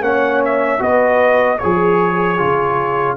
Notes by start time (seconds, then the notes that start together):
0.00 A#3 C#4 C#5 F#5
0.44 E5
0.78 B3 F#4 B4 D#5
1.58 F3 G#4 C#5
2.37 C#3 F4